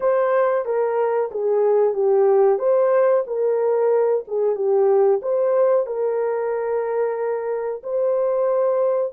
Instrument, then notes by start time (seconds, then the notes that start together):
horn
0.00 C5
0.65 A#4
1.31 G#4
1.93 G4
2.58 C5
3.26 A#4
4.27 G#4
4.55 G4
5.22 C5
5.86 A#4
7.83 C5